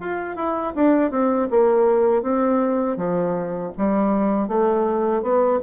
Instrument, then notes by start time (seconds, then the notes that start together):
bassoon
0.00 F4
0.36 E4
0.75 D4
1.11 C4
1.50 A#3
2.22 C4
2.97 F3
3.77 G3
4.48 A3
5.22 B3